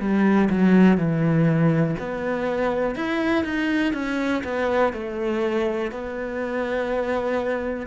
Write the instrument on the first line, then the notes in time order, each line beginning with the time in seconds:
cello
0.00 G3
0.50 F#3
0.97 E3
1.99 B3
2.95 E4
3.44 D#4
3.93 C#4
4.44 B3
4.93 A3
5.92 B3